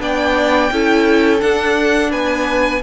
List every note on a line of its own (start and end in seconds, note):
0.00 0.71 B3
0.00 0.71 D4
0.00 0.72 D5
0.00 1.41 G5
0.71 1.42 C#4
0.71 1.39 E4
0.71 2.11 A4
1.39 2.80 D4
1.39 2.13 D4
1.39 2.11 F#5
2.11 2.83 B3
2.11 2.81 B4
2.11 2.82 G#5